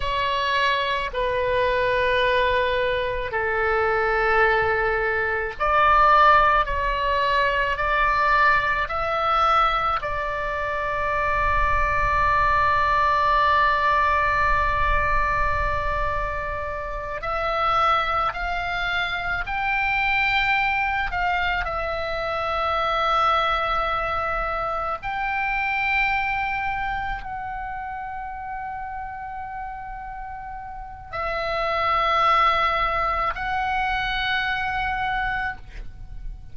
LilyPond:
\new Staff \with { instrumentName = "oboe" } { \time 4/4 \tempo 4 = 54 cis''4 b'2 a'4~ | a'4 d''4 cis''4 d''4 | e''4 d''2.~ | d''2.~ d''8 e''8~ |
e''8 f''4 g''4. f''8 e''8~ | e''2~ e''8 g''4.~ | g''8 fis''2.~ fis''8 | e''2 fis''2 | }